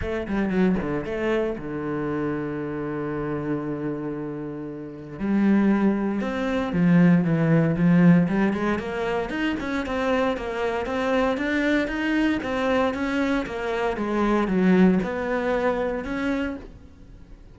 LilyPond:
\new Staff \with { instrumentName = "cello" } { \time 4/4 \tempo 4 = 116 a8 g8 fis8 d8 a4 d4~ | d1~ | d2 g2 | c'4 f4 e4 f4 |
g8 gis8 ais4 dis'8 cis'8 c'4 | ais4 c'4 d'4 dis'4 | c'4 cis'4 ais4 gis4 | fis4 b2 cis'4 | }